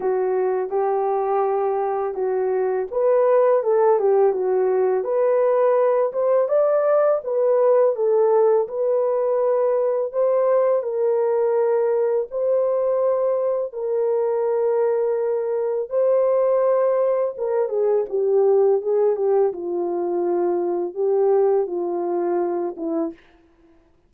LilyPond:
\new Staff \with { instrumentName = "horn" } { \time 4/4 \tempo 4 = 83 fis'4 g'2 fis'4 | b'4 a'8 g'8 fis'4 b'4~ | b'8 c''8 d''4 b'4 a'4 | b'2 c''4 ais'4~ |
ais'4 c''2 ais'4~ | ais'2 c''2 | ais'8 gis'8 g'4 gis'8 g'8 f'4~ | f'4 g'4 f'4. e'8 | }